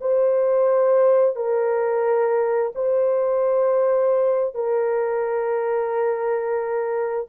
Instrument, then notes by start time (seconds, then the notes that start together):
horn
0.00 C5
1.36 A#4
2.74 C5
4.54 A#4